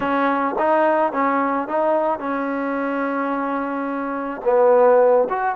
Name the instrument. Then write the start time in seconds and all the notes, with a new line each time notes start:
trombone
0.00 C#4
0.59 D#4
1.12 C#4
1.67 D#4
2.19 C#4
4.44 B3
5.29 F#4